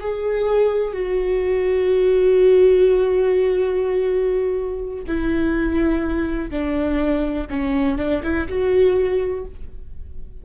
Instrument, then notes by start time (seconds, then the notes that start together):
viola
0.00 G#4
0.93 F#4
5.07 E4
6.51 D4
7.50 C#4
7.98 D4
8.23 E4
8.49 F#4